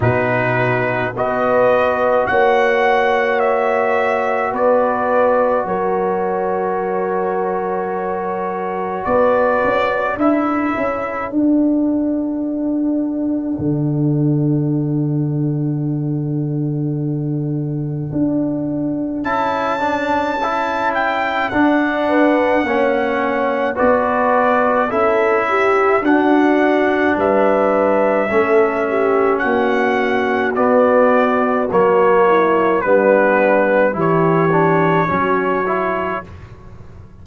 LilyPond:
<<
  \new Staff \with { instrumentName = "trumpet" } { \time 4/4 \tempo 4 = 53 b'4 dis''4 fis''4 e''4 | d''4 cis''2. | d''4 e''4 fis''2~ | fis''1~ |
fis''4 a''4. g''8 fis''4~ | fis''4 d''4 e''4 fis''4 | e''2 fis''4 d''4 | cis''4 b'4 cis''2 | }
  \new Staff \with { instrumentName = "horn" } { \time 4/4 fis'4 b'4 cis''2 | b'4 ais'2. | b'4 a'2.~ | a'1~ |
a'2.~ a'8 b'8 | cis''4 b'4 a'8 g'8 fis'4 | b'4 a'8 g'8 fis'2~ | fis'8 e'8 d'4 g'4 fis'4 | }
  \new Staff \with { instrumentName = "trombone" } { \time 4/4 dis'4 fis'2.~ | fis'1~ | fis'4 e'4 d'2~ | d'1~ |
d'4 e'8 d'8 e'4 d'4 | cis'4 fis'4 e'4 d'4~ | d'4 cis'2 b4 | ais4 b4 e'8 d'8 cis'8 e'8 | }
  \new Staff \with { instrumentName = "tuba" } { \time 4/4 b,4 b4 ais2 | b4 fis2. | b8 cis'8 d'8 cis'8 d'2 | d1 |
d'4 cis'2 d'4 | ais4 b4 cis'4 d'4 | g4 a4 ais4 b4 | fis4 g4 e4 fis4 | }
>>